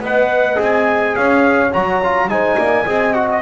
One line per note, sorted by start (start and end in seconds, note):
0.00 0.57 B3
0.00 0.55 B4
0.00 1.15 D#5
0.00 0.62 F#5
0.55 1.15 C4
0.55 1.68 G#4
0.63 1.15 G#5
1.15 1.74 C#4
1.15 2.28 C#5
1.15 1.72 F5
1.73 2.28 F#3
1.73 2.01 F#4
1.73 2.29 A#5
2.03 2.29 F4
2.28 2.56 G#3
2.28 2.85 D#4
2.28 2.57 C5
2.28 3.13 G#5
2.57 2.86 A#3
2.57 2.85 D5
2.85 3.42 C4
2.85 3.14 G#4
2.85 3.41 D#5
3.13 3.42 F#4
3.13 3.27 F#5
3.31 3.42 D#5